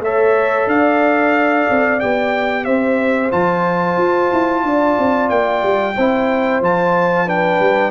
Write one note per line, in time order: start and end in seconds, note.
0.00 0.66 A3
0.00 1.99 A4
0.00 0.70 C#5
0.00 0.68 E5
0.66 1.65 D4
0.66 2.65 D5
0.66 2.00 F5
1.69 2.02 C4
1.99 2.66 B3
1.99 3.30 G4
1.99 2.64 G5
2.64 3.32 C4
2.64 4.62 C5
2.64 3.30 E5
3.30 3.97 F3
3.30 5.94 F4
3.30 5.29 A5
3.97 4.30 F4
4.32 4.63 E4
4.63 4.96 D4
4.63 5.96 D5
4.98 5.30 C4
5.29 5.62 A#3
5.29 6.61 G5
5.62 5.95 G3
5.96 6.60 C4
5.96 6.62 E4
5.96 7.26 C5
6.60 7.59 F3
6.60 7.26 F4
6.60 7.28 A5
7.26 7.91 D4
7.26 7.91 B4
7.26 7.91 G5
7.59 7.91 G3